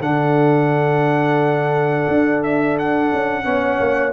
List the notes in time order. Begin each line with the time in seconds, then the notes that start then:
0.00 D3 D4 A4 F#5
2.09 D4
2.44 E5
2.79 F#5
3.14 C#4
3.44 B3 C#4 C#5
3.80 A#3